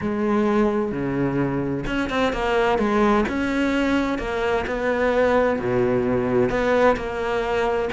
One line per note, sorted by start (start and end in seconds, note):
0.01 0.91 G#3
0.91 1.84 C#3
1.86 2.09 C#4
2.09 2.33 C4
2.33 2.78 A#3
2.78 3.24 G#3
3.28 4.18 C#4
4.18 4.65 A#3
4.66 5.59 B3
5.59 6.49 B2
6.49 6.96 B3
6.96 7.89 A#3